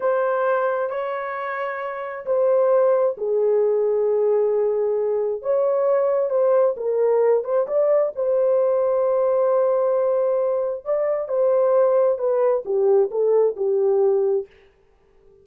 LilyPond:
\new Staff \with { instrumentName = "horn" } { \time 4/4 \tempo 4 = 133 c''2 cis''2~ | cis''4 c''2 gis'4~ | gis'1 | cis''2 c''4 ais'4~ |
ais'8 c''8 d''4 c''2~ | c''1 | d''4 c''2 b'4 | g'4 a'4 g'2 | }